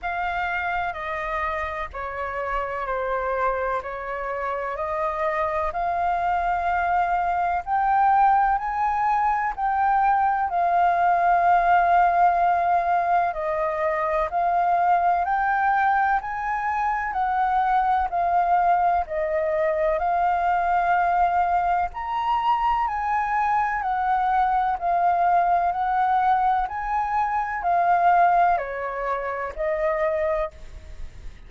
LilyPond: \new Staff \with { instrumentName = "flute" } { \time 4/4 \tempo 4 = 63 f''4 dis''4 cis''4 c''4 | cis''4 dis''4 f''2 | g''4 gis''4 g''4 f''4~ | f''2 dis''4 f''4 |
g''4 gis''4 fis''4 f''4 | dis''4 f''2 ais''4 | gis''4 fis''4 f''4 fis''4 | gis''4 f''4 cis''4 dis''4 | }